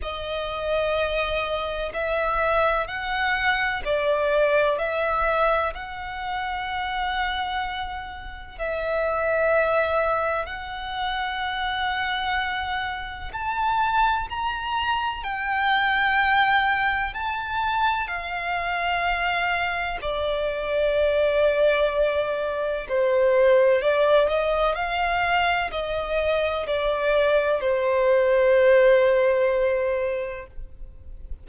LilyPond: \new Staff \with { instrumentName = "violin" } { \time 4/4 \tempo 4 = 63 dis''2 e''4 fis''4 | d''4 e''4 fis''2~ | fis''4 e''2 fis''4~ | fis''2 a''4 ais''4 |
g''2 a''4 f''4~ | f''4 d''2. | c''4 d''8 dis''8 f''4 dis''4 | d''4 c''2. | }